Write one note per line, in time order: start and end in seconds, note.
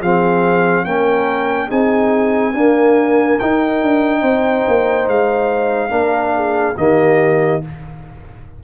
0.00 0.85 F3
0.00 0.86 C4
0.00 0.85 G#4
0.00 0.85 F5
0.85 1.70 A#3
0.85 1.69 C#4
0.85 1.68 A#4
0.85 1.70 G5
1.68 2.54 C4
1.68 2.54 D#4
1.68 2.52 G#4
1.68 3.39 G#5
2.54 3.40 A#3
2.54 3.39 D4
2.54 4.21 A#4
3.39 3.83 D#4
3.39 5.90 D#4
3.39 5.08 G5
3.83 4.23 D4
4.21 4.65 C4
4.21 5.90 C5
4.68 5.08 A#3
5.08 5.90 G#3
5.08 6.77 F5
5.90 6.75 A#3
5.90 6.74 D4
5.90 6.33 A#4
6.36 6.78 G#4
6.77 7.62 D#3
6.77 7.62 A#3
6.77 7.64 G4
6.77 7.62 D#5